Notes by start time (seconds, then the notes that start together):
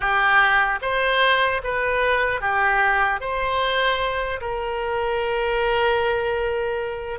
0.00 G4
0.81 C5
1.63 B4
2.40 G4
3.20 C5
4.40 A#4